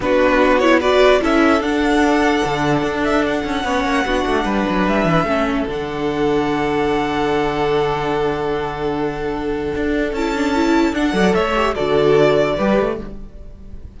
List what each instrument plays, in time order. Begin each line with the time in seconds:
0.00 cello B3, viola D4, violin F#4 B4
0.59 viola E4, violin C#5
0.79 viola F#4, violin B4 D5
1.20 cello C#4, viola E4, violin A4 E5
1.61 cello D4, viola D4, violin F#5
2.45 cello D3
2.82 cello D4
3.04 violin E5
3.26 violin F#5
3.44 cello C#4
3.64 cello B3, viola C#4, violin C#5
3.84 cello A#3
4.05 cello B3, viola D4, violin F#4
4.26 cello A3
4.44 cello G3, violin B4
4.69 cello F#3
4.87 cello G3, violin E5
5.05 cello E3
5.23 cello A3, viola C#4, violin A4
5.67 cello D3, viola D4, violin F#5
9.75 cello D4
10.12 cello C#4, viola E4, violin A5
10.35 viola D4
10.55 viola E4
10.93 cello D4, viola D4, violin F#5
11.12 cello F#3, viola A4, violin D5
11.34 cello A3, violin C#5 E5
11.55 viola G4
11.74 cello D3, viola F#4, violin A4 D5
12.56 cello G3, viola G4, violin B4
12.80 cello A3